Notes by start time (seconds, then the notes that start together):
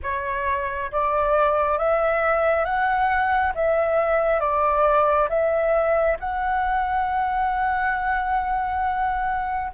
0.02 C#5
0.91 D5
1.78 E5
2.64 F#5
3.54 E5
4.40 D5
5.29 E5
6.19 F#5